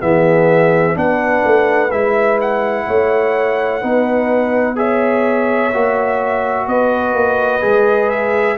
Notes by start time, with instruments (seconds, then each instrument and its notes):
0.00 tuba E3, trombone B3, horn G#4, trumpet E5
0.94 tuba B3, trombone D4, horn B4, trumpet F#5
1.45 tuba A3
1.91 tuba G#3, trombone E4, trumpet E5
2.41 trumpet F#5
2.87 tuba A3, horn C#5
3.82 tuba B3, trombone D#4, horn B4
4.76 trombone G#4, horn C#5, trumpet E5
5.74 tuba A#3, trombone F#4
6.67 tuba B3, horn B4, trumpet D#5
7.14 tuba A#3
7.62 tuba G#3, trombone G#4
8.10 trumpet E5